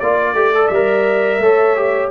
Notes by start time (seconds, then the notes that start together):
0.00 A#3 F4 D5
0.34 A3 G4
0.54 A4
0.68 G3 E5
0.74 A#4
1.39 A3 A4 C#5
1.76 G4